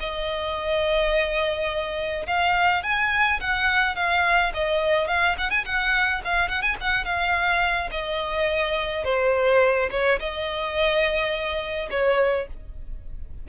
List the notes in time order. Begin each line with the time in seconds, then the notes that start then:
0.00 D#5
2.27 F5
2.83 G#5
3.40 F#5
3.96 F5
4.54 D#5
5.08 F5
5.38 F#5
5.51 G#5
5.65 F#5
6.24 F5
6.49 F#5
6.62 G#5
6.81 F#5
7.05 F5
7.91 D#5
9.05 C5
9.91 C#5
10.19 D#5
11.90 C#5